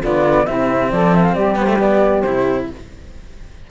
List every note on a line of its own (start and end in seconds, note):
0.00 0.47 D3
0.00 0.47 B3
0.00 0.44 F4
0.00 0.46 D5
0.46 0.92 C3
0.46 1.56 C4
0.46 0.91 E4
0.46 0.90 E5
0.91 1.36 F3
0.91 1.34 A4
0.91 1.13 D5
1.13 1.24 E5
1.24 1.34 F5
1.34 2.24 G3
1.34 2.67 G4
1.34 1.56 D5
1.56 1.67 B3
1.56 1.79 C5
1.67 1.78 A3
1.79 2.23 B3
1.79 2.21 D5
2.21 2.68 C3
2.21 2.71 E4
2.21 2.66 C5